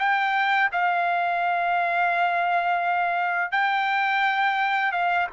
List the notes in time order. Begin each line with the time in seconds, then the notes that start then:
0.00 G5
0.73 F5
3.52 G5
4.93 F5